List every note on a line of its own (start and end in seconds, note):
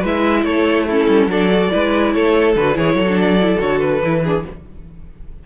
0.00 0.44 G#3
0.00 0.89 E4
0.00 0.42 B4
0.00 0.44 E5
0.44 1.07 A3
0.44 0.87 A4
0.44 0.86 C#5
0.87 1.29 C#4
0.87 1.29 E4
0.87 1.31 A4
1.08 1.27 G3
1.27 1.69 F#3
1.27 1.50 D4
1.27 1.72 A4
1.27 2.12 D5
1.51 1.70 F#4
1.70 2.15 G#3
1.70 2.54 E4
1.70 2.14 B4
2.12 2.56 A3
2.12 2.77 A4
2.12 2.54 C#5
2.56 2.77 D3
2.56 2.74 F#4
2.56 2.78 B4
2.74 2.94 E3
2.74 3.06 E4
2.74 2.95 G#4
2.74 3.18 C#5
2.94 3.57 F#3
2.94 4.21 A4
3.08 3.40 D4
3.18 3.60 D5
3.41 3.59 E4
3.59 4.03 D3
3.59 4.01 F#4
3.59 3.80 C#5
3.80 4.43 B4
4.03 4.45 E3
4.03 4.25 E4
4.23 4.46 D4
4.23 4.44 G#4